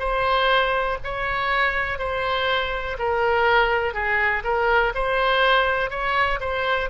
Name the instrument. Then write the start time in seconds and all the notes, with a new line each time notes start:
oboe
0.00 C5
1.04 C#5
1.99 C5
2.99 A#4
3.94 G#4
4.44 A#4
4.95 C5
5.91 C#5
6.41 C5